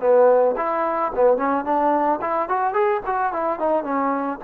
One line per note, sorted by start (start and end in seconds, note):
0.00 0.55 B3
0.57 1.12 E4
1.15 1.37 B3
1.37 1.65 C#4
1.65 2.20 D4
2.21 2.49 E4
2.49 2.73 F#4
2.73 3.01 G#4
3.06 3.33 F#4
3.33 3.59 E4
3.59 3.84 D#4
3.84 4.39 C#4